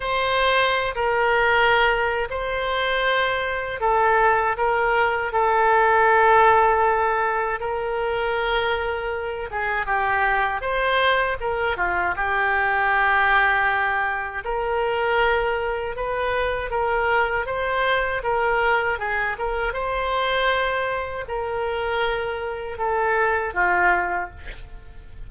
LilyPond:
\new Staff \with { instrumentName = "oboe" } { \time 4/4 \tempo 4 = 79 c''4~ c''16 ais'4.~ ais'16 c''4~ | c''4 a'4 ais'4 a'4~ | a'2 ais'2~ | ais'8 gis'8 g'4 c''4 ais'8 f'8 |
g'2. ais'4~ | ais'4 b'4 ais'4 c''4 | ais'4 gis'8 ais'8 c''2 | ais'2 a'4 f'4 | }